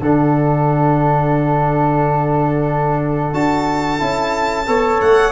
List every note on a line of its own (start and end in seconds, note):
0.00 3.33 D3
0.00 3.33 D4
0.00 4.68 A4
0.00 3.34 F#5
3.33 4.00 D4
3.33 3.99 F#4
3.33 5.00 A5
3.99 4.67 C#4
3.99 4.66 E4
4.67 5.01 B3
4.67 5.32 A4
4.67 5.32 C#5
5.01 5.32 A3
5.01 5.32 F#5